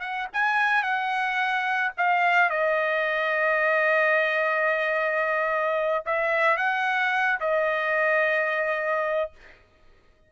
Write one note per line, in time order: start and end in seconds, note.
0.00 0.27 F#5
0.33 0.83 G#5
0.83 1.92 F#5
1.97 2.50 F5
2.50 6.04 D#5
6.05 6.57 E5
6.57 7.39 F#5
7.40 9.31 D#5